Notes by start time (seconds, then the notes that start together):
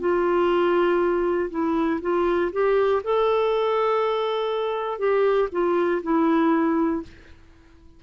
0.00 F4
1.51 E4
2.02 F4
2.53 G4
3.04 A4
4.99 G4
5.52 F4
6.03 E4